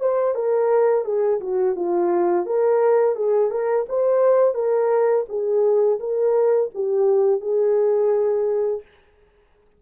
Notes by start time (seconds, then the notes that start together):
0.00 C5
0.35 A#4
1.05 G#4
1.41 F#4
1.76 F4
2.46 A#4
3.16 G#4
3.51 A#4
3.89 C5
4.55 A#4
5.29 G#4
6.00 A#4
6.74 G4
7.41 G#4